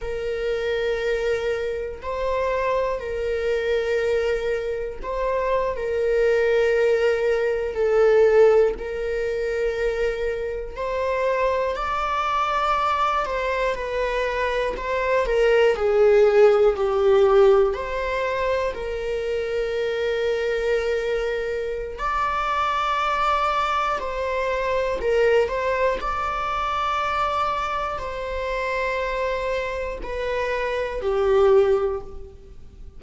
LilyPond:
\new Staff \with { instrumentName = "viola" } { \time 4/4 \tempo 4 = 60 ais'2 c''4 ais'4~ | ais'4 c''8. ais'2 a'16~ | a'8. ais'2 c''4 d''16~ | d''4~ d''16 c''8 b'4 c''8 ais'8 gis'16~ |
gis'8. g'4 c''4 ais'4~ ais'16~ | ais'2 d''2 | c''4 ais'8 c''8 d''2 | c''2 b'4 g'4 | }